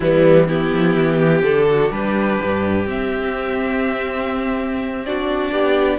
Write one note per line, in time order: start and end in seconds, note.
0.00 0.70 E3
0.00 0.48 G3
0.00 0.48 B3
0.00 0.43 E4
0.48 1.43 B3
0.48 1.17 E4
0.48 1.44 G4
0.72 0.95 F3
0.95 1.42 E3
1.17 1.65 G4
1.42 1.90 D3
1.42 2.87 D4
1.42 1.91 A4
1.70 1.94 F#4
1.91 2.39 G3
1.91 5.06 G4
1.91 2.87 B4
2.43 2.86 G2
2.86 5.50 C4
2.86 5.04 C4
2.86 5.05 E5
5.05 5.99 D4
5.05 5.52 F#4
5.05 5.99 D5
5.52 5.99 B3
5.52 5.99 G4